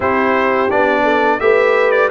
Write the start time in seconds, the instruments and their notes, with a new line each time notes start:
0.00 tuba C4, trombone E4, horn G4, trumpet C5
0.70 tuba B3, trombone D4, trumpet D5
1.03 horn A4
1.39 tuba A3, trombone G4, horn B4, trumpet E5
1.91 trumpet D5